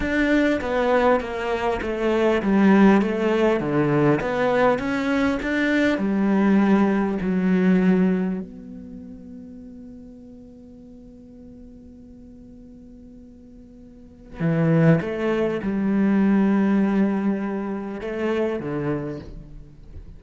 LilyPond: \new Staff \with { instrumentName = "cello" } { \time 4/4 \tempo 4 = 100 d'4 b4 ais4 a4 | g4 a4 d4 b4 | cis'4 d'4 g2 | fis2 b2~ |
b1~ | b1 | e4 a4 g2~ | g2 a4 d4 | }